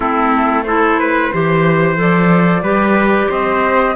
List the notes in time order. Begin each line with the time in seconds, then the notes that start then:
0.00 A3 C4 E4 A4
0.63 E4 A4 C5
0.99 B4
1.32 E3 G4 C5
1.96 F3 A4 D5
2.62 G3 G4 B4
3.29 C4 C5 D#5